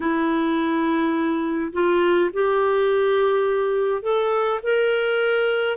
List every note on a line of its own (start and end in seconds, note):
0.00 1.72 E4
1.73 2.30 F4
2.33 4.02 G4
4.02 4.59 A4
4.63 5.77 A#4